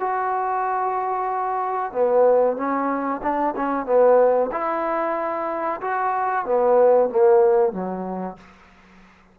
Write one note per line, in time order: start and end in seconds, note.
0.00 1.92 F#4
1.92 2.57 B3
2.57 3.21 C#4
3.23 3.55 D4
3.57 3.86 C#4
3.86 4.50 B3
4.52 5.81 E4
5.81 6.46 F#4
6.46 7.09 B3
7.09 7.73 A#3
7.73 8.37 F#3